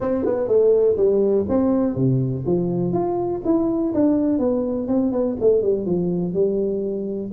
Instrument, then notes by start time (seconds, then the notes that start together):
tuba
0.00 C4
0.25 B3
0.47 A3
0.96 G3
1.48 C4
1.95 C3
2.45 F3
2.92 F4
3.44 E4
3.94 D4
4.38 B3
4.87 C4
5.12 B3
5.40 A3
5.61 G3
5.85 F3
6.33 G3